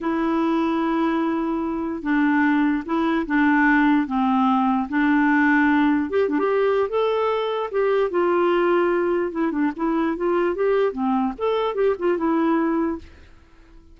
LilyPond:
\new Staff \with { instrumentName = "clarinet" } { \time 4/4 \tempo 4 = 148 e'1~ | e'4 d'2 e'4 | d'2 c'2 | d'2. g'8 d'16 g'16~ |
g'4 a'2 g'4 | f'2. e'8 d'8 | e'4 f'4 g'4 c'4 | a'4 g'8 f'8 e'2 | }